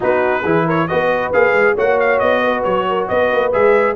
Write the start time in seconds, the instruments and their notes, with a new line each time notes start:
0.00 tuba B3, trombone D#4, horn F#4, trumpet B4
0.42 tuba E3, trombone E4, horn G#4
0.66 horn A#4, trumpet C#5
0.87 tuba B3, trombone F#4, horn B4, trumpet D#5
1.32 tuba A#3, trombone G#4, trumpet F5
1.52 tuba G#3
1.75 tuba A#3, trombone F#4, horn C#5, trumpet F#5
1.99 trumpet F5
2.19 tuba B3, trumpet D#5
2.43 horn B4
2.63 tuba F#3, trumpet C#5
2.88 horn A#4
3.08 tuba B3, horn B4, trumpet D#5
3.31 tuba A#3
3.52 tuba G#3, trombone G#4, trumpet E5